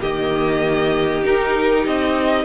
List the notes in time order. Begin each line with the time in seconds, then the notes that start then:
0.00 D#3 A#3 G4 D#5
1.23 D#4 A#4
1.86 C4 D#5